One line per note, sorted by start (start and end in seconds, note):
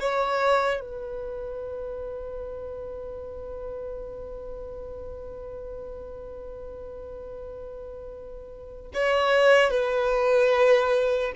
0.00 0.81 C#5
0.81 8.92 B4
8.94 9.70 C#5
9.70 11.33 B4